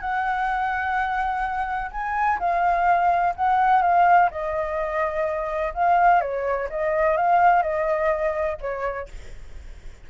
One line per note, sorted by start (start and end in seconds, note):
0.00 1.91 F#5
1.91 2.39 G#5
2.39 3.34 F5
3.36 3.82 F#5
3.82 4.30 F5
4.31 5.74 D#5
5.74 6.21 F5
6.21 6.68 C#5
6.69 7.17 D#5
7.17 7.62 F5
7.62 8.57 D#5
8.61 9.08 C#5